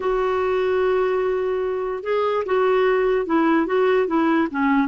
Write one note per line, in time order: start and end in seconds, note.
0.00 2.03 F#4
2.03 2.44 G#4
2.45 3.26 F#4
3.26 3.66 E4
3.66 4.07 F#4
4.07 4.47 E4
4.50 4.87 C#4